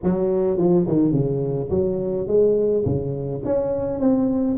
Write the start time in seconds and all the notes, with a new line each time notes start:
0.03 F#3
0.57 F3
0.87 D#3
1.11 C#3
1.70 F#3
2.27 G#3
2.85 C#3
3.44 C#4
3.99 C4